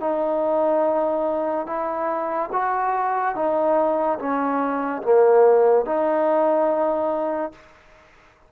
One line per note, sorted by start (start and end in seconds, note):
0.00 1.66 D#4
1.66 2.49 E4
2.52 3.35 F#4
3.35 4.18 D#4
4.19 5.02 C#4
5.02 5.85 A#3
5.85 7.52 D#4